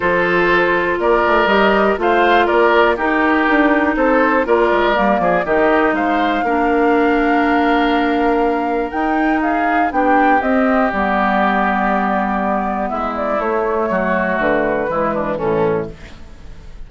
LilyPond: <<
  \new Staff \with { instrumentName = "flute" } { \time 4/4 \tempo 4 = 121 c''2 d''4 dis''4 | f''4 d''4 ais'2 | c''4 d''2 dis''4 | f''1~ |
f''2 g''4 f''4 | g''4 dis''4 d''2~ | d''2 e''8 d''8 cis''4~ | cis''4 b'2 a'4 | }
  \new Staff \with { instrumentName = "oboe" } { \time 4/4 a'2 ais'2 | c''4 ais'4 g'2 | a'4 ais'4. gis'8 g'4 | c''4 ais'2.~ |
ais'2. gis'4 | g'1~ | g'2 e'2 | fis'2 e'8 d'8 cis'4 | }
  \new Staff \with { instrumentName = "clarinet" } { \time 4/4 f'2. g'4 | f'2 dis'2~ | dis'4 f'4 ais4 dis'4~ | dis'4 d'2.~ |
d'2 dis'2 | d'4 c'4 b2~ | b2. a4~ | a2 gis4 e4 | }
  \new Staff \with { instrumentName = "bassoon" } { \time 4/4 f2 ais8 a8 g4 | a4 ais4 dis'4 d'4 | c'4 ais8 gis8 g8 f8 dis4 | gis4 ais2.~ |
ais2 dis'2 | b4 c'4 g2~ | g2 gis4 a4 | fis4 d4 e4 a,4 | }
>>